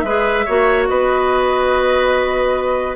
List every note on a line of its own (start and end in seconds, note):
0.00 0.46 G#3
0.00 0.46 B4
0.00 0.85 E5
0.07 0.48 G#4
0.46 0.90 A#3
0.46 2.96 F#4
0.46 0.88 C#5
0.88 2.96 B3
0.88 2.96 B4
0.88 2.96 D#5